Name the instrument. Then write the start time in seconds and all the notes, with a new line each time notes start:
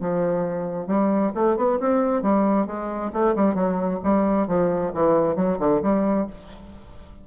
bassoon
0.00 F3
0.87 G3
1.34 A3
1.56 B3
1.80 C4
2.22 G3
2.66 G#3
3.12 A3
3.35 G3
3.54 F#3
4.03 G3
4.47 F3
4.93 E3
5.35 F#3
5.59 D3
5.82 G3